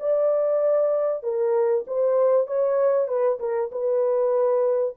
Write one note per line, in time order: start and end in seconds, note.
0.00 1.23 D5
1.23 1.85 A#4
1.88 2.48 C5
2.48 3.08 C#5
3.08 3.39 B4
3.40 3.71 A#4
3.72 4.96 B4